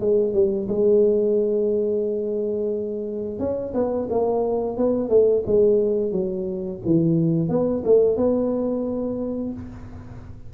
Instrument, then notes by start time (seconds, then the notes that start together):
tuba
0.00 G#3
0.34 G3
0.68 G#3
3.39 C#4
3.74 B3
4.10 A#3
4.77 B3
5.09 A3
5.46 G#3
6.11 F#3
6.85 E3
7.49 B3
7.85 A3
8.17 B3